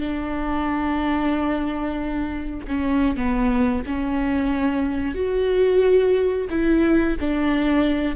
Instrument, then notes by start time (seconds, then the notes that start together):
viola
0.00 D4
2.68 C#4
3.17 B3
3.86 C#4
5.15 F#4
6.50 E4
7.21 D4